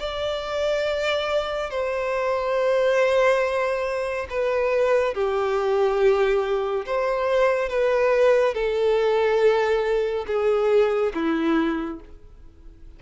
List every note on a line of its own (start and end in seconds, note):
0.00 1.71 D5
1.71 4.28 C5
4.30 5.15 B4
5.15 6.86 G4
6.86 7.70 C5
7.70 8.54 B4
8.54 10.26 A4
10.27 11.13 G#4
11.15 12.00 E4